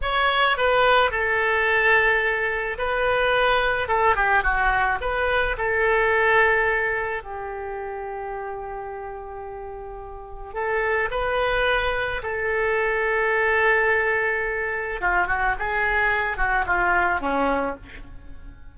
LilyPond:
\new Staff \with { instrumentName = "oboe" } { \time 4/4 \tempo 4 = 108 cis''4 b'4 a'2~ | a'4 b'2 a'8 g'8 | fis'4 b'4 a'2~ | a'4 g'2.~ |
g'2. a'4 | b'2 a'2~ | a'2. f'8 fis'8 | gis'4. fis'8 f'4 cis'4 | }